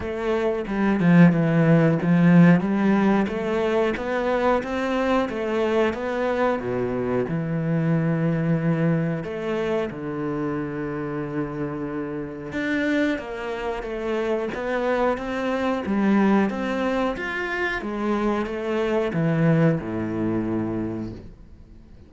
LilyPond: \new Staff \with { instrumentName = "cello" } { \time 4/4 \tempo 4 = 91 a4 g8 f8 e4 f4 | g4 a4 b4 c'4 | a4 b4 b,4 e4~ | e2 a4 d4~ |
d2. d'4 | ais4 a4 b4 c'4 | g4 c'4 f'4 gis4 | a4 e4 a,2 | }